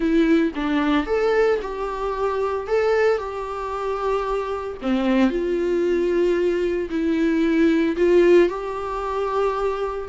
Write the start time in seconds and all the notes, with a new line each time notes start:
0.00 E4
0.55 D4
1.06 A4
1.61 G4
2.67 A4
3.18 G4
4.81 C4
5.30 F4
6.90 E4
7.96 F4
8.49 G4